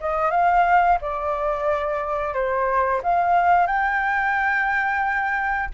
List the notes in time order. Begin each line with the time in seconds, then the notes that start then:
0.00 D#5
0.31 F5
1.01 D5
2.34 C5
3.03 F5
3.66 G5